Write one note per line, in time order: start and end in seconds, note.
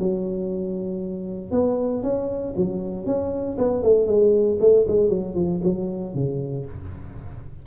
0.00 1.52 F#3
1.52 2.03 B3
2.03 2.54 C#4
2.57 3.06 F#3
3.06 3.58 C#4
3.59 3.83 B3
3.83 4.07 A3
4.07 4.59 G#3
4.61 4.86 A3
4.88 5.10 G#3
5.10 5.35 F#3
5.35 5.61 F3
5.64 6.15 F#3
6.15 6.66 C#3